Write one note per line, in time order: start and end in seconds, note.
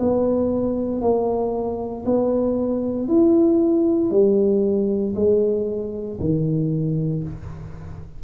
0.00 1.02 B3
1.02 2.05 A#3
2.06 3.09 B3
3.09 4.11 E4
4.11 5.15 G3
5.16 6.19 G#3
6.21 7.24 D#3